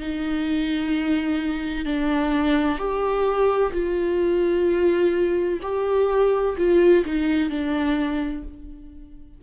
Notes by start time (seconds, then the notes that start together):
0.00 D#4
1.85 D4
2.78 G4
3.72 F4
5.62 G4
6.58 F4
7.05 D#4
7.50 D4